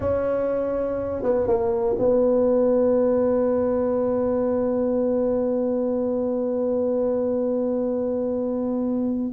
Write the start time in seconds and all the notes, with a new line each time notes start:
0.00 C#4
1.23 B3
1.47 A#3
1.98 B3